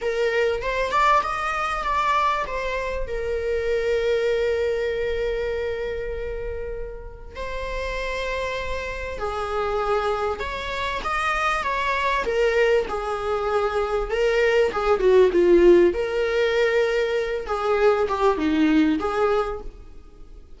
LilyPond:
\new Staff \with { instrumentName = "viola" } { \time 4/4 \tempo 4 = 98 ais'4 c''8 d''8 dis''4 d''4 | c''4 ais'2.~ | ais'1 | c''2. gis'4~ |
gis'4 cis''4 dis''4 cis''4 | ais'4 gis'2 ais'4 | gis'8 fis'8 f'4 ais'2~ | ais'8 gis'4 g'8 dis'4 gis'4 | }